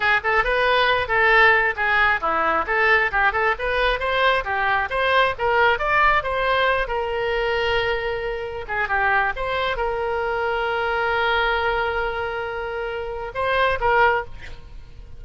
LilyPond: \new Staff \with { instrumentName = "oboe" } { \time 4/4 \tempo 4 = 135 gis'8 a'8 b'4. a'4. | gis'4 e'4 a'4 g'8 a'8 | b'4 c''4 g'4 c''4 | ais'4 d''4 c''4. ais'8~ |
ais'2.~ ais'8 gis'8 | g'4 c''4 ais'2~ | ais'1~ | ais'2 c''4 ais'4 | }